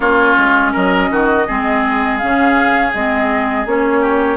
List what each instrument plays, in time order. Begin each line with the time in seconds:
0.00 bassoon A#3, clarinet C#4, oboe F4, flute C#5
0.37 bassoon G#3
0.72 bassoon F#3, oboe A#4, flute D#5
1.10 bassoon D#3, oboe F#4
1.47 bassoon G#3, clarinet C4, oboe G#4
2.17 bassoon C#3, clarinet C#4, flute F5
2.93 bassoon G#3, clarinet C4, flute D#5
3.65 bassoon A#3, clarinet C#4, flute C#5
4.00 oboe G4